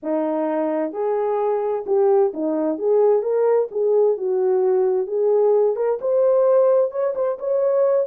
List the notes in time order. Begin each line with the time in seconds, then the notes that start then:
0.02 D#4
0.92 G#4
1.86 G4
2.33 D#4
2.78 G#4
3.22 A#4
3.71 G#4
4.17 F#4
5.06 G#4
5.76 A#4
6.01 C5
6.91 C#5
7.15 C5
7.38 C#5